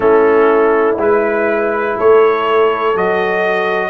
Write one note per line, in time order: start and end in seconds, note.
0.00 0.97 A3
0.00 0.98 C#4
0.00 1.94 E4
0.00 0.96 A4
0.97 1.95 G#3
0.97 2.95 E4
0.97 1.98 B4
1.97 2.94 A3
1.97 3.89 A4
1.97 2.97 C#5
2.94 3.89 F#3
2.94 3.89 F#4
2.94 3.89 D#5